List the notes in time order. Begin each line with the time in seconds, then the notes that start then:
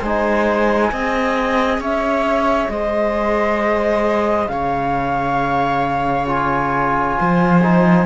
0.00 G#3 D#4 C5 G#5
0.92 C4 G#4 D#5
1.79 C#4 C#5 E5
2.69 G#3 C5 D#5
4.48 C#3 C#5 F5
6.26 F4 G#5
7.19 F3 C5
7.63 D#4